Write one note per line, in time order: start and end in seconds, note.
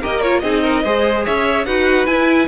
0.00 0.42 A#3
0.00 0.22 G4
0.00 0.41 A#4
0.00 0.21 D#5
0.21 0.43 F4
0.21 0.39 C#5
0.39 0.83 C4
0.39 0.84 D#4
0.39 0.62 G#4
0.39 1.22 D#5
0.62 0.83 A#4
0.83 1.26 G#3
0.83 1.66 G#4
0.83 1.24 C5
1.25 1.66 C#4
1.25 1.66 C#5
1.25 1.65 E5
1.65 2.07 D#4
1.65 2.07 F#4
1.65 2.47 B4
1.65 2.06 F#5
2.06 2.47 E4
2.06 2.47 G#5